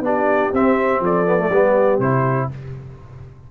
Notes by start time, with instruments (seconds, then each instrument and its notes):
0.00 tuba B3, trombone D4, horn G4, trumpet D5
0.52 tuba C4, trombone C4, trumpet E5
1.00 tuba F3, horn A4, trumpet D5
1.26 trombone B3
1.38 trombone A3
1.49 tuba G3, trombone B3, horn G4
1.99 tuba C3, trombone E4, trumpet C5